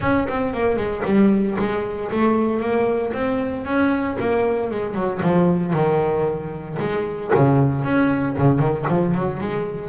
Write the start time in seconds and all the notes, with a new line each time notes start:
0.00 C#4
0.28 C4
0.53 A#3
0.76 G#3
1.04 G3
1.58 G#3
2.11 A3
2.60 A#3
3.13 C4
3.65 C#4
4.20 A#3
4.71 G#3
4.94 F#3
5.22 F3
5.73 D#3
6.79 G#3
7.34 C#3
7.84 C#4
8.38 C#3
8.59 D#3
8.88 F3
9.14 F#3
9.40 G#3